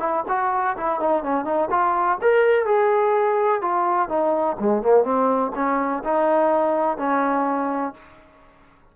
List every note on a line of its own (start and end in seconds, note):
0.00 0.24 E4
0.29 0.77 F#4
0.78 1.00 E4
1.00 1.23 D#4
1.23 1.45 C#4
1.45 1.69 D#4
1.70 2.18 F4
2.22 2.66 A#4
2.66 3.62 G#4
3.62 4.09 F4
4.09 4.57 D#4
4.60 4.83 G#3
4.83 5.04 A#3
5.04 5.52 C4
5.55 6.03 C#4
6.04 6.98 D#4
6.98 7.94 C#4